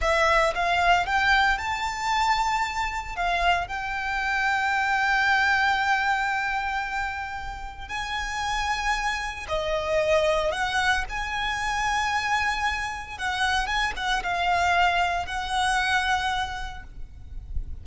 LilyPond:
\new Staff \with { instrumentName = "violin" } { \time 4/4 \tempo 4 = 114 e''4 f''4 g''4 a''4~ | a''2 f''4 g''4~ | g''1~ | g''2. gis''4~ |
gis''2 dis''2 | fis''4 gis''2.~ | gis''4 fis''4 gis''8 fis''8 f''4~ | f''4 fis''2. | }